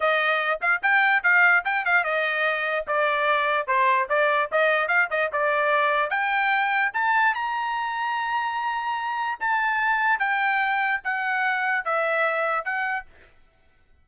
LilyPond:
\new Staff \with { instrumentName = "trumpet" } { \time 4/4 \tempo 4 = 147 dis''4. f''8 g''4 f''4 | g''8 f''8 dis''2 d''4~ | d''4 c''4 d''4 dis''4 | f''8 dis''8 d''2 g''4~ |
g''4 a''4 ais''2~ | ais''2. a''4~ | a''4 g''2 fis''4~ | fis''4 e''2 fis''4 | }